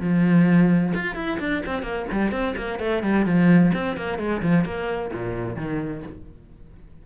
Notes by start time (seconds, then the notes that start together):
0.00 F3
0.94 F4
1.15 E4
1.40 D4
1.66 C4
1.82 A#3
2.12 G3
2.32 C4
2.56 A#3
2.79 A3
3.03 G3
3.25 F3
3.74 C4
3.97 A#3
4.18 G#3
4.42 F3
4.65 A#3
5.13 A#2
5.56 D#3